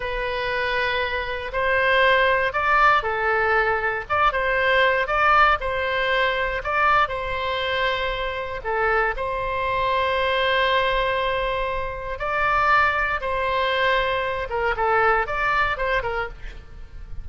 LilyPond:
\new Staff \with { instrumentName = "oboe" } { \time 4/4 \tempo 4 = 118 b'2. c''4~ | c''4 d''4 a'2 | d''8 c''4. d''4 c''4~ | c''4 d''4 c''2~ |
c''4 a'4 c''2~ | c''1 | d''2 c''2~ | c''8 ais'8 a'4 d''4 c''8 ais'8 | }